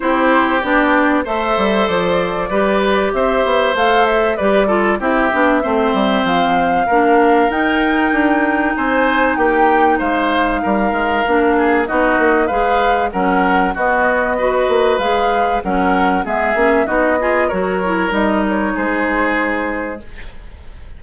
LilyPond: <<
  \new Staff \with { instrumentName = "flute" } { \time 4/4 \tempo 4 = 96 c''4 d''4 e''4 d''4~ | d''4 e''4 f''8 e''8 d''4 | e''2 f''2 | g''2 gis''4 g''4 |
f''2. dis''4 | f''4 fis''4 dis''2 | f''4 fis''4 e''4 dis''4 | cis''4 dis''8 cis''8 c''2 | }
  \new Staff \with { instrumentName = "oboe" } { \time 4/4 g'2 c''2 | b'4 c''2 b'8 a'8 | g'4 c''2 ais'4~ | ais'2 c''4 g'4 |
c''4 ais'4. gis'8 fis'4 | b'4 ais'4 fis'4 b'4~ | b'4 ais'4 gis'4 fis'8 gis'8 | ais'2 gis'2 | }
  \new Staff \with { instrumentName = "clarinet" } { \time 4/4 e'4 d'4 a'2 | g'2 a'4 g'8 f'8 | e'8 d'8 c'2 d'4 | dis'1~ |
dis'2 d'4 dis'4 | gis'4 cis'4 b4 fis'4 | gis'4 cis'4 b8 cis'8 dis'8 f'8 | fis'8 e'8 dis'2. | }
  \new Staff \with { instrumentName = "bassoon" } { \time 4/4 c'4 b4 a8 g8 f4 | g4 c'8 b8 a4 g4 | c'8 b8 a8 g8 f4 ais4 | dis'4 d'4 c'4 ais4 |
gis4 g8 gis8 ais4 b8 ais8 | gis4 fis4 b4. ais8 | gis4 fis4 gis8 ais8 b4 | fis4 g4 gis2 | }
>>